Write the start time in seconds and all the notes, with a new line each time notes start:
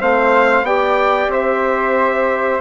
0.00 A3 C4 C5 F5
0.62 B3 G4 D5 G5
1.28 C4 C5 E5